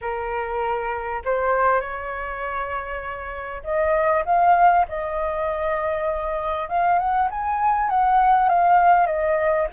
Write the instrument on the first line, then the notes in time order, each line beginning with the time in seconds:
flute
0.01 A#4
1.25 C5
1.80 C#5
3.63 D#5
4.25 F5
4.88 D#5
6.68 F5
6.98 F#5
7.30 G#5
7.90 F#5
8.48 F5
9.06 D#5